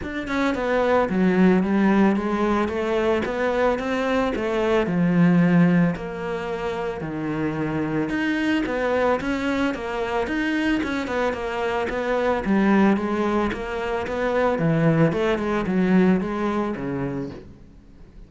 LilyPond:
\new Staff \with { instrumentName = "cello" } { \time 4/4 \tempo 4 = 111 d'8 cis'8 b4 fis4 g4 | gis4 a4 b4 c'4 | a4 f2 ais4~ | ais4 dis2 dis'4 |
b4 cis'4 ais4 dis'4 | cis'8 b8 ais4 b4 g4 | gis4 ais4 b4 e4 | a8 gis8 fis4 gis4 cis4 | }